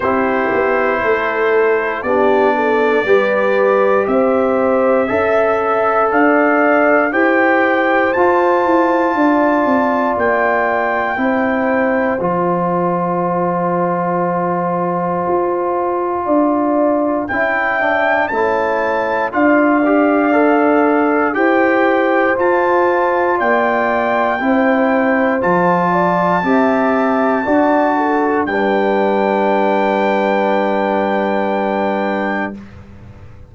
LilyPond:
<<
  \new Staff \with { instrumentName = "trumpet" } { \time 4/4 \tempo 4 = 59 c''2 d''2 | e''2 f''4 g''4 | a''2 g''2 | a''1~ |
a''4 g''4 a''4 f''4~ | f''4 g''4 a''4 g''4~ | g''4 a''2. | g''1 | }
  \new Staff \with { instrumentName = "horn" } { \time 4/4 g'4 a'4 g'8 a'8 b'4 | c''4 e''4 d''4 c''4~ | c''4 d''2 c''4~ | c''1 |
d''4 e''4 cis''4 d''4~ | d''4 c''2 d''4 | c''4. d''8 e''4 d''8 a'8 | b'1 | }
  \new Staff \with { instrumentName = "trombone" } { \time 4/4 e'2 d'4 g'4~ | g'4 a'2 g'4 | f'2. e'4 | f'1~ |
f'4 e'8 d'8 e'4 f'8 g'8 | a'4 g'4 f'2 | e'4 f'4 g'4 fis'4 | d'1 | }
  \new Staff \with { instrumentName = "tuba" } { \time 4/4 c'8 b8 a4 b4 g4 | c'4 cis'4 d'4 e'4 | f'8 e'8 d'8 c'8 ais4 c'4 | f2. f'4 |
d'4 cis'4 a4 d'4~ | d'4 e'4 f'4 ais4 | c'4 f4 c'4 d'4 | g1 | }
>>